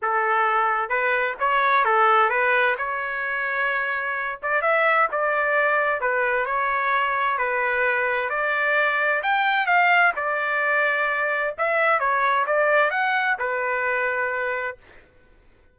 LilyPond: \new Staff \with { instrumentName = "trumpet" } { \time 4/4 \tempo 4 = 130 a'2 b'4 cis''4 | a'4 b'4 cis''2~ | cis''4. d''8 e''4 d''4~ | d''4 b'4 cis''2 |
b'2 d''2 | g''4 f''4 d''2~ | d''4 e''4 cis''4 d''4 | fis''4 b'2. | }